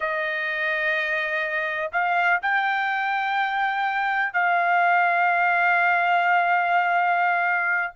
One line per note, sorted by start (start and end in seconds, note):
0.00 1.90 D#5
1.92 2.40 F5
2.42 4.33 G5
4.33 7.93 F5